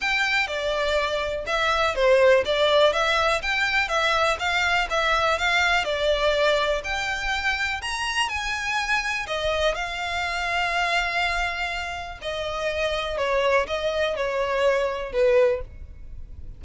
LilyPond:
\new Staff \with { instrumentName = "violin" } { \time 4/4 \tempo 4 = 123 g''4 d''2 e''4 | c''4 d''4 e''4 g''4 | e''4 f''4 e''4 f''4 | d''2 g''2 |
ais''4 gis''2 dis''4 | f''1~ | f''4 dis''2 cis''4 | dis''4 cis''2 b'4 | }